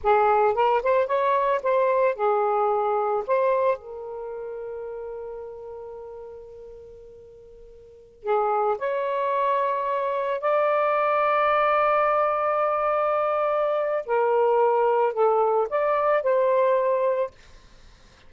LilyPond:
\new Staff \with { instrumentName = "saxophone" } { \time 4/4 \tempo 4 = 111 gis'4 ais'8 c''8 cis''4 c''4 | gis'2 c''4 ais'4~ | ais'1~ | ais'2.~ ais'16 gis'8.~ |
gis'16 cis''2. d''8.~ | d''1~ | d''2 ais'2 | a'4 d''4 c''2 | }